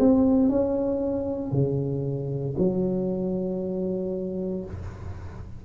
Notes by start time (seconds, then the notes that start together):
0.00 C4
0.50 C#4
1.52 C#3
2.59 F#3